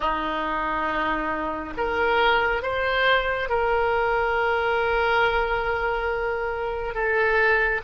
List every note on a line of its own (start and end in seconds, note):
0.00 1.73 D#4
1.77 2.62 A#4
2.62 3.49 C5
3.49 6.94 A#4
6.94 7.81 A4